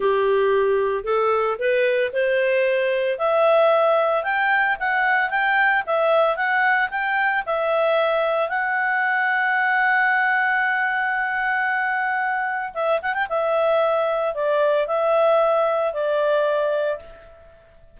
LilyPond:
\new Staff \with { instrumentName = "clarinet" } { \time 4/4 \tempo 4 = 113 g'2 a'4 b'4 | c''2 e''2 | g''4 fis''4 g''4 e''4 | fis''4 g''4 e''2 |
fis''1~ | fis''1 | e''8 fis''16 g''16 e''2 d''4 | e''2 d''2 | }